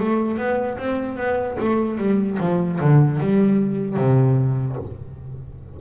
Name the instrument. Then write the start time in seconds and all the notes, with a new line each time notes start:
double bass
0.00 A3
0.37 B3
0.78 C4
1.17 B3
1.59 A3
1.98 G3
2.40 F3
2.80 D3
3.20 G3
3.96 C3